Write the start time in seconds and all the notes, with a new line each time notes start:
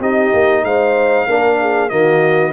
0.00 C4 D#4 G4 D#5
0.34 A#3
0.64 G#3 C5 F5
1.27 A#3 D4 A#4
1.61 G#4
1.90 D#3 A#3 F#4 D#5